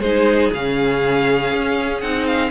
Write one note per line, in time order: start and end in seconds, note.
0.00 0.50 G#3
0.00 0.53 D#4
0.00 2.51 G#4
0.00 0.51 C5
0.52 1.52 C#3
0.52 2.02 C#4
0.52 2.00 F5
1.52 2.02 C#4
2.00 2.51 C4
2.00 2.51 D#4
2.00 2.25 F#5
2.26 2.51 F5